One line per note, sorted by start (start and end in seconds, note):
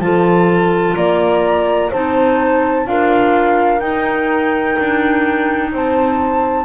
0.00 0.95 F3
0.00 1.93 F4
0.00 0.97 A4
0.00 0.95 A5
0.95 1.92 A#3
0.95 1.90 D5
0.95 1.90 A#5
1.90 2.87 C4
1.90 2.86 D#4
1.90 2.86 C5
1.90 2.88 A5
2.86 3.81 D4
2.86 3.80 F4
2.86 5.73 A#4
2.86 3.80 F5
3.80 6.66 D#4
3.80 4.77 D#4
3.80 5.70 G5
4.80 5.73 D4
5.73 6.66 C4
5.73 6.66 C5
5.73 6.66 A5